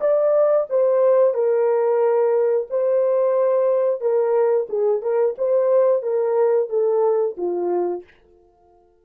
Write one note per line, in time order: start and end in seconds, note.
0.00 0.67 D5
0.69 1.34 C5
1.34 2.67 A#4
2.70 4.00 C5
4.00 4.67 A#4
4.69 5.02 G#4
5.02 5.35 A#4
5.38 6.02 C5
6.02 6.69 A#4
6.69 7.36 A4
7.37 8.03 F4